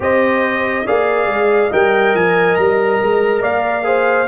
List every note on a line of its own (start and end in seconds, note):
0.00 0.86 C4
0.00 0.84 G4
0.00 0.85 C5
0.00 0.86 D#5
0.85 1.26 A#3
0.85 1.71 G#4
0.85 1.70 D5
0.85 1.72 F5
1.26 1.69 G#3
1.70 2.14 G3
1.70 3.83 A#4
1.70 3.41 D#5
1.70 2.15 G5
2.14 2.57 F3
2.14 2.55 G#5
2.55 3.01 G3
2.55 3.41 A#5
3.02 3.41 G#3
3.41 4.27 A#3
3.41 3.84 D5
3.41 4.27 F5
3.83 4.26 G#4
3.83 4.27 C5